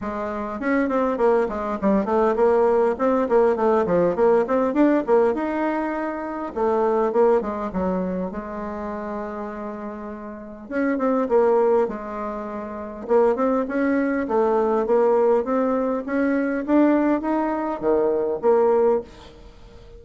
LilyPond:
\new Staff \with { instrumentName = "bassoon" } { \time 4/4 \tempo 4 = 101 gis4 cis'8 c'8 ais8 gis8 g8 a8 | ais4 c'8 ais8 a8 f8 ais8 c'8 | d'8 ais8 dis'2 a4 | ais8 gis8 fis4 gis2~ |
gis2 cis'8 c'8 ais4 | gis2 ais8 c'8 cis'4 | a4 ais4 c'4 cis'4 | d'4 dis'4 dis4 ais4 | }